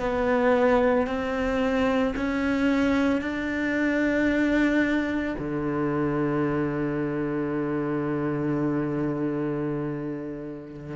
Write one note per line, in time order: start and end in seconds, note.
0.00 1.07 B3
1.07 2.14 C4
2.16 3.21 C#4
3.21 5.36 D4
5.38 10.96 D3